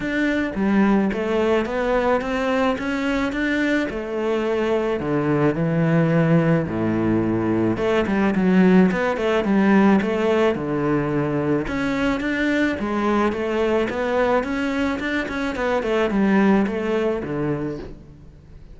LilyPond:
\new Staff \with { instrumentName = "cello" } { \time 4/4 \tempo 4 = 108 d'4 g4 a4 b4 | c'4 cis'4 d'4 a4~ | a4 d4 e2 | a,2 a8 g8 fis4 |
b8 a8 g4 a4 d4~ | d4 cis'4 d'4 gis4 | a4 b4 cis'4 d'8 cis'8 | b8 a8 g4 a4 d4 | }